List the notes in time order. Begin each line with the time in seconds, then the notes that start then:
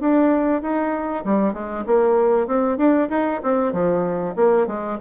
0.00 D4
0.62 D#4
1.24 G3
1.53 G#3
1.86 A#3
2.47 C4
2.78 D4
3.10 D#4
3.43 C4
3.72 F3
4.36 A#3
4.67 G#3